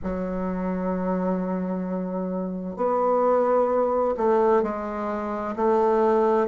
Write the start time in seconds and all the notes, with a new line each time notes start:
0.03 F#3
2.76 B3
4.17 A3
4.62 G#3
5.56 A3